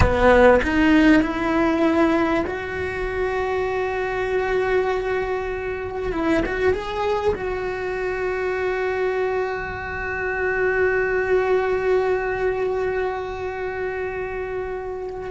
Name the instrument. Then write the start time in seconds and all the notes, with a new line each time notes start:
cello
0.00 B3
0.62 D#4
1.22 E4
2.46 F#4
6.12 E4
6.45 F#4
6.72 G#4
7.35 F#4